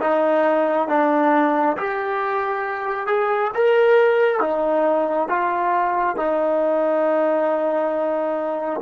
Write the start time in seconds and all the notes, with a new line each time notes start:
0.00 D#4
0.88 D4
1.77 G4
3.07 G#4
3.55 A#4
4.40 D#4
5.29 F4
6.16 D#4